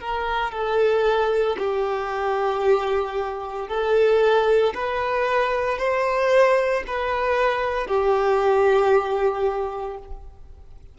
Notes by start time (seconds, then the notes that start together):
0.00 A#4
0.52 A4
1.58 G4
3.68 A4
4.75 B4
5.78 C5
6.87 B4
7.87 G4